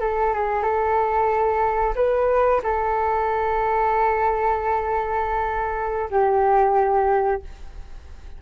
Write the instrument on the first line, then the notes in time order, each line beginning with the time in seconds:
flute
0.00 A4
0.33 G#4
0.62 A4
1.95 B4
2.63 A4
6.10 G4